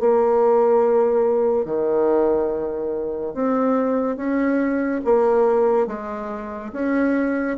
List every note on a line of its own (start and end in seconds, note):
0.00 1.66 A#3
1.66 3.35 D#3
3.35 4.17 C4
4.17 5.01 C#4
5.05 5.88 A#3
5.88 6.72 G#3
6.73 7.57 C#4